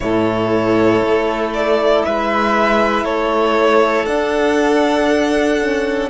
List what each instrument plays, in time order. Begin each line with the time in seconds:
0.00 cello A2, horn E4, violin A4 C#5
1.02 cello A3
1.53 violin D5
2.04 cello G#3, violin B4 E5
3.04 cello A3, violin A4 C#5
4.06 cello D4, horn D4, violin F#5
5.60 horn C#4